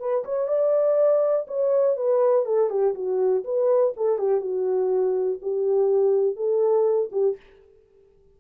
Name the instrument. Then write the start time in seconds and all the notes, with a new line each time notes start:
horn
0.00 B4
0.25 C#5
0.48 D5
1.48 C#5
1.97 B4
2.46 A4
2.70 G4
2.95 F#4
3.44 B4
3.97 A4
4.18 G4
4.41 F#4
5.42 G4
6.36 A4
7.12 G4